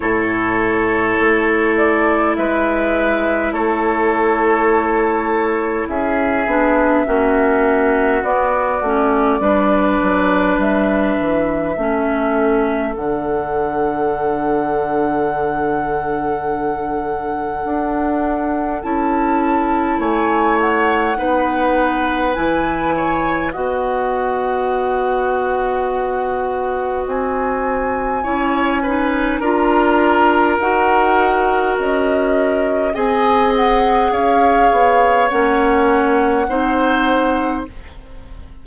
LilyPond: <<
  \new Staff \with { instrumentName = "flute" } { \time 4/4 \tempo 4 = 51 cis''4. d''8 e''4 cis''4~ | cis''4 e''2 d''4~ | d''4 e''2 fis''4~ | fis''1 |
a''4 gis''8 fis''4. gis''4 | fis''2. gis''4~ | gis''4 ais''4 fis''4 dis''4 | gis''8 fis''8 f''4 fis''2 | }
  \new Staff \with { instrumentName = "oboe" } { \time 4/4 a'2 b'4 a'4~ | a'4 gis'4 fis'2 | b'2 a'2~ | a'1~ |
a'4 cis''4 b'4. cis''8 | dis''1 | cis''8 b'8 ais'2. | dis''4 cis''2 c''4 | }
  \new Staff \with { instrumentName = "clarinet" } { \time 4/4 e'1~ | e'4. d'8 cis'4 b8 cis'8 | d'2 cis'4 d'4~ | d'1 |
e'2 dis'4 e'4 | fis'1 | e'8 dis'8 f'4 fis'2 | gis'2 cis'4 dis'4 | }
  \new Staff \with { instrumentName = "bassoon" } { \time 4/4 a,4 a4 gis4 a4~ | a4 cis'8 b8 ais4 b8 a8 | g8 fis8 g8 e8 a4 d4~ | d2. d'4 |
cis'4 a4 b4 e4 | b2. c'4 | cis'4 d'4 dis'4 cis'4 | c'4 cis'8 b8 ais4 c'4 | }
>>